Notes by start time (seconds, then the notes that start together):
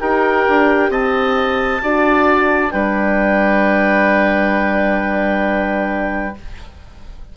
0.00 D#4 G4 A#4 G5
0.48 D4
0.89 C4 D#5 A5
1.82 D4 F#4 D5
2.70 G3 D4 B4 G5